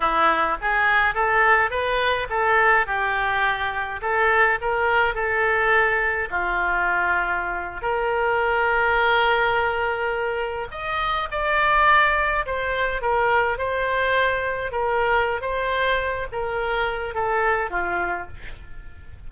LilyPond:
\new Staff \with { instrumentName = "oboe" } { \time 4/4 \tempo 4 = 105 e'4 gis'4 a'4 b'4 | a'4 g'2 a'4 | ais'4 a'2 f'4~ | f'4.~ f'16 ais'2~ ais'16~ |
ais'2~ ais'8. dis''4 d''16~ | d''4.~ d''16 c''4 ais'4 c''16~ | c''4.~ c''16 ais'4~ ais'16 c''4~ | c''8 ais'4. a'4 f'4 | }